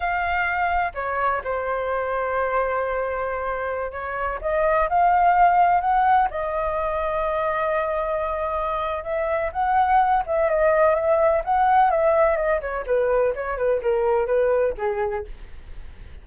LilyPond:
\new Staff \with { instrumentName = "flute" } { \time 4/4 \tempo 4 = 126 f''2 cis''4 c''4~ | c''1~ | c''16 cis''4 dis''4 f''4.~ f''16~ | f''16 fis''4 dis''2~ dis''8.~ |
dis''2. e''4 | fis''4. e''8 dis''4 e''4 | fis''4 e''4 dis''8 cis''8 b'4 | cis''8 b'8 ais'4 b'4 gis'4 | }